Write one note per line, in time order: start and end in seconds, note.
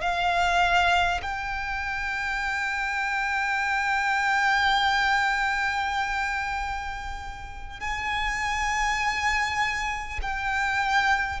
0.00 1.20 F5
1.22 7.79 G5
7.79 10.19 G#5
10.22 11.40 G5